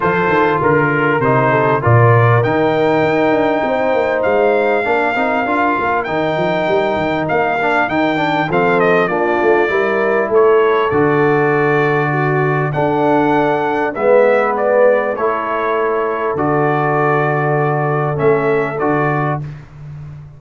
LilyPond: <<
  \new Staff \with { instrumentName = "trumpet" } { \time 4/4 \tempo 4 = 99 c''4 ais'4 c''4 d''4 | g''2. f''4~ | f''2 g''2 | f''4 g''4 f''8 dis''8 d''4~ |
d''4 cis''4 d''2~ | d''4 fis''2 e''4 | d''4 cis''2 d''4~ | d''2 e''4 d''4 | }
  \new Staff \with { instrumentName = "horn" } { \time 4/4 a'4 ais'4. a'8 ais'4~ | ais'2 c''2 | ais'1~ | ais'2 a'4 f'4 |
ais'4 a'2. | fis'4 a'2 b'4~ | b'4 a'2.~ | a'1 | }
  \new Staff \with { instrumentName = "trombone" } { \time 4/4 f'2 dis'4 f'4 | dis'1 | d'8 dis'8 f'4 dis'2~ | dis'8 d'8 dis'8 d'8 c'4 d'4 |
e'2 fis'2~ | fis'4 d'2 b4~ | b4 e'2 fis'4~ | fis'2 cis'4 fis'4 | }
  \new Staff \with { instrumentName = "tuba" } { \time 4/4 f8 dis8 d4 c4 ais,4 | dis4 dis'8 d'8 c'8 ais8 gis4 | ais8 c'8 d'8 ais8 dis8 f8 g8 dis8 | ais4 dis4 f4 ais8 a8 |
g4 a4 d2~ | d4 d'2 gis4~ | gis4 a2 d4~ | d2 a4 d4 | }
>>